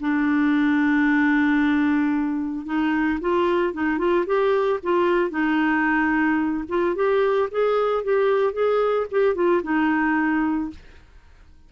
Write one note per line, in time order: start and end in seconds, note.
0.00 2.66 D4
2.66 3.19 D#4
3.20 3.73 F4
3.73 3.98 D#4
3.98 4.25 F4
4.26 4.80 G4
4.83 5.30 F4
5.30 6.64 D#4
6.69 6.95 F4
6.95 7.49 G4
7.51 8.04 G#4
8.04 8.53 G4
8.53 9.07 G#4
9.11 9.35 G4
9.35 9.62 F4
9.63 10.70 D#4